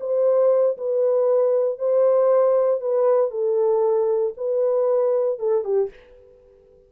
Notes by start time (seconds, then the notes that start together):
0.00 C5
0.77 B4
1.78 C5
2.80 B4
3.31 A4
4.37 B4
5.39 A4
5.64 G4